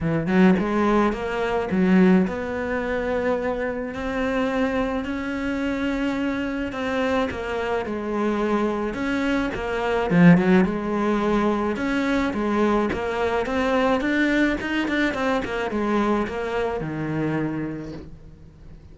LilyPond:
\new Staff \with { instrumentName = "cello" } { \time 4/4 \tempo 4 = 107 e8 fis8 gis4 ais4 fis4 | b2. c'4~ | c'4 cis'2. | c'4 ais4 gis2 |
cis'4 ais4 f8 fis8 gis4~ | gis4 cis'4 gis4 ais4 | c'4 d'4 dis'8 d'8 c'8 ais8 | gis4 ais4 dis2 | }